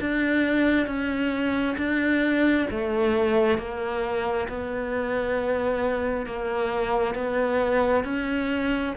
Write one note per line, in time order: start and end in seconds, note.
0.00 0.87 D4
0.87 1.76 C#4
1.77 2.67 D4
2.71 3.58 A3
3.58 4.48 A#3
4.49 6.26 B3
6.26 7.14 A#3
7.14 8.04 B3
8.04 8.93 C#4